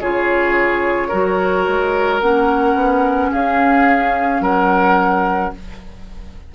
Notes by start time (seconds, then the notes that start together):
0.00 C#3 F4 G#4 C#5
1.08 F#3 F#4 A#4
1.67 G#3
2.20 A#3 C#4 F#5
2.74 B3
3.31 C#4 G#4 F5
4.40 F#3 A#4 F#5